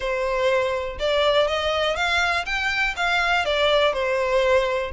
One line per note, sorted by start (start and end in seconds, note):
0.00 0.98 C5
0.99 1.47 D5
1.47 1.96 D#5
1.96 2.45 F5
2.45 2.94 G5
2.96 3.45 F5
3.45 3.93 D5
3.93 4.91 C5